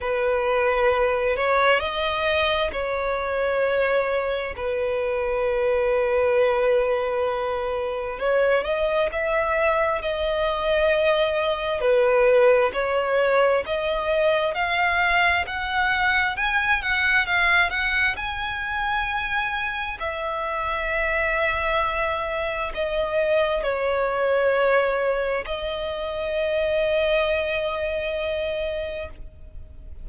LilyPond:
\new Staff \with { instrumentName = "violin" } { \time 4/4 \tempo 4 = 66 b'4. cis''8 dis''4 cis''4~ | cis''4 b'2.~ | b'4 cis''8 dis''8 e''4 dis''4~ | dis''4 b'4 cis''4 dis''4 |
f''4 fis''4 gis''8 fis''8 f''8 fis''8 | gis''2 e''2~ | e''4 dis''4 cis''2 | dis''1 | }